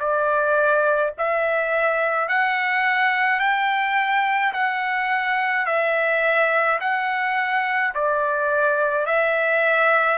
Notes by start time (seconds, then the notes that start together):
0.00 D5
1.18 E5
2.29 F#5
3.40 G5
4.53 F#5
5.67 E5
6.80 F#5
7.95 D5
9.06 E5